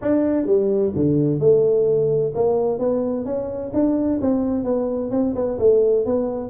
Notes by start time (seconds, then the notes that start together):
0.01 D4
0.46 G3
0.95 D3
1.39 A3
2.34 A#3
2.79 B3
3.25 C#4
3.73 D4
4.21 C4
4.64 B3
5.11 C4
5.35 B3
5.59 A3
6.05 B3